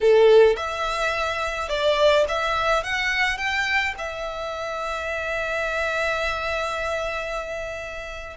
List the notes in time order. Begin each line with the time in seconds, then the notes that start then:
0.01 A4
0.56 E5
1.68 D5
2.28 E5
2.83 F#5
3.37 G5
3.98 E5